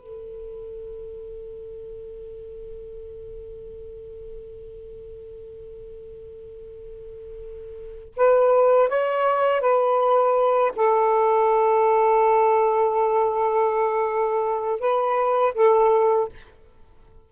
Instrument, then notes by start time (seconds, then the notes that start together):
saxophone
0.00 A4
8.16 B4
8.89 C#5
9.61 B4
10.76 A4
14.80 B4
15.55 A4